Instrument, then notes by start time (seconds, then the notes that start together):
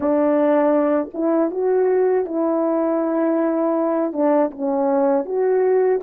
horn
0.00 D4
1.13 E4
1.50 F#4
2.25 E4
4.12 D4
4.50 C#4
5.25 F#4